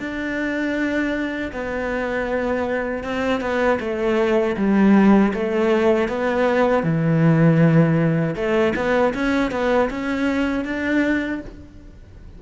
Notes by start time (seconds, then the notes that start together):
0.00 D4
1.53 B3
3.04 C4
3.41 B3
3.80 A3
4.57 G3
5.34 A3
6.09 B3
6.84 E3
8.36 A3
8.76 B3
9.14 C#4
9.51 B3
9.90 C#4
10.65 D4